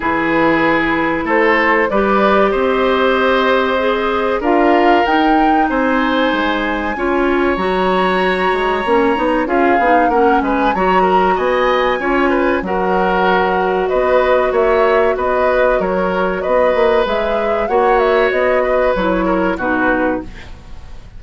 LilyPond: <<
  \new Staff \with { instrumentName = "flute" } { \time 4/4 \tempo 4 = 95 b'2 c''4 d''4 | dis''2. f''4 | g''4 gis''2. | ais''2. f''4 |
fis''8 gis''8 ais''4 gis''2 | fis''2 dis''4 e''4 | dis''4 cis''4 dis''4 e''4 | fis''8 e''8 dis''4 cis''4 b'4 | }
  \new Staff \with { instrumentName = "oboe" } { \time 4/4 gis'2 a'4 b'4 | c''2. ais'4~ | ais'4 c''2 cis''4~ | cis''2. gis'4 |
ais'8 b'8 cis''8 ais'8 dis''4 cis''8 b'8 | ais'2 b'4 cis''4 | b'4 ais'4 b'2 | cis''4. b'4 ais'8 fis'4 | }
  \new Staff \with { instrumentName = "clarinet" } { \time 4/4 e'2. g'4~ | g'2 gis'4 f'4 | dis'2. f'4 | fis'2 cis'8 dis'8 f'8 dis'8 |
cis'4 fis'2 f'4 | fis'1~ | fis'2. gis'4 | fis'2 e'4 dis'4 | }
  \new Staff \with { instrumentName = "bassoon" } { \time 4/4 e2 a4 g4 | c'2. d'4 | dis'4 c'4 gis4 cis'4 | fis4. gis8 ais8 b8 cis'8 b8 |
ais8 gis8 fis4 b4 cis'4 | fis2 b4 ais4 | b4 fis4 b8 ais8 gis4 | ais4 b4 fis4 b,4 | }
>>